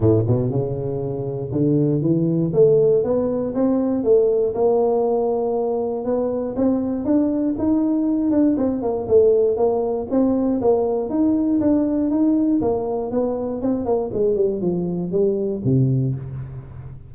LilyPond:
\new Staff \with { instrumentName = "tuba" } { \time 4/4 \tempo 4 = 119 a,8 b,8 cis2 d4 | e4 a4 b4 c'4 | a4 ais2. | b4 c'4 d'4 dis'4~ |
dis'8 d'8 c'8 ais8 a4 ais4 | c'4 ais4 dis'4 d'4 | dis'4 ais4 b4 c'8 ais8 | gis8 g8 f4 g4 c4 | }